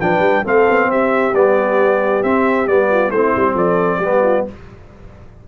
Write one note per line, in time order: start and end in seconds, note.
0.00 0.19 F3
0.00 0.44 D4
0.00 0.44 B4
0.00 0.44 G5
0.19 0.41 G3
0.44 0.67 A3
0.44 1.33 C4
0.44 0.88 A4
0.44 0.91 F5
0.70 0.88 B3
0.88 1.32 C4
0.88 2.90 G4
0.88 1.34 E5
1.32 2.21 G3
1.32 2.24 B3
1.32 2.23 D5
2.23 2.67 C4
2.23 2.68 C4
2.23 2.67 E5
2.67 3.11 G3
2.67 3.13 B3
2.67 3.10 D5
2.90 3.08 F4
3.08 3.33 A3
3.08 4.02 C4
3.08 3.53 E4
3.08 3.55 C5
3.36 3.54 G3
3.54 3.98 F3
3.54 3.98 A4
3.54 4.46 D5
3.98 4.43 G3
3.98 4.47 B3
3.98 4.22 G4
4.22 4.45 F4